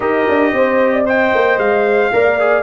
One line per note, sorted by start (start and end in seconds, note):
0.00 0.25 D#4
0.00 1.05 G4
0.00 0.53 A#4
0.00 1.06 D#5
0.28 0.52 D4
0.52 1.31 C4
0.52 0.92 C5
0.92 1.05 D5
1.05 2.12 C5
1.05 2.12 D#5
1.05 1.58 G5
1.34 1.57 A#3
1.57 2.11 G#3
1.57 2.62 F5
2.12 2.62 A#3
2.12 2.38 A#4
2.12 2.62 D5
2.39 2.62 G#4